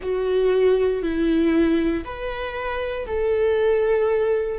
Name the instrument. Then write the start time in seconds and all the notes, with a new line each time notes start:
viola
0.02 F#4
1.02 E4
2.04 B4
3.06 A4